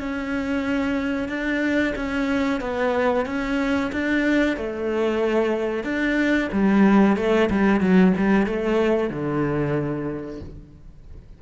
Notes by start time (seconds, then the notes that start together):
0.00 C#4
1.29 D4
1.96 C#4
2.61 B3
3.26 C#4
3.92 D4
4.57 A3
5.84 D4
6.52 G3
7.17 A3
7.51 G3
7.81 F#3
8.17 G3
8.47 A3
9.10 D3